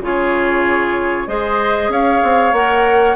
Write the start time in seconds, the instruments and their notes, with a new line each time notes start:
0.00 bassoon C#3, clarinet F4, oboe G#4, flute C#5
1.27 bassoon G#3, clarinet G#4, oboe C5, flute D#5
1.89 bassoon C#4, oboe C#5, flute F5
2.23 bassoon C4
2.52 bassoon A#3, clarinet A#4, flute F#5